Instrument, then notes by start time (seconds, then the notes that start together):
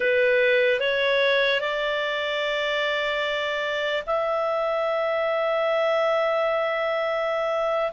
clarinet
0.00 B4
0.80 C#5
1.60 D5
4.06 E5